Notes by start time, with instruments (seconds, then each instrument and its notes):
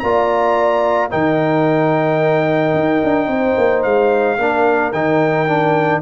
0.00 tuba A#3, trombone F4, horn D5, trumpet A#5
1.10 tuba D#3, trombone D#4, horn A#4, trumpet G5
2.74 tuba D#4
3.04 tuba D4
3.28 tuba C4, horn C5
3.58 tuba A#3
3.83 tuba G#3, trumpet F5
4.39 tuba A#3, trombone D4, horn A#4
4.93 tuba D#3, trombone D#4, trumpet G5
5.48 trombone D4